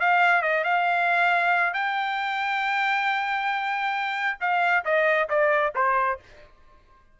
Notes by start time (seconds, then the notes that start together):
0.00 F5
0.42 D#5
0.64 F5
1.73 G5
4.40 F5
4.85 D#5
5.29 D5
5.75 C5